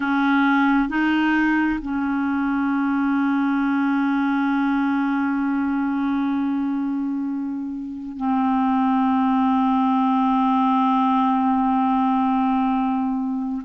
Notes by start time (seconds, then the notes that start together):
0.00 C#4
0.88 D#4
1.81 C#4
8.16 C4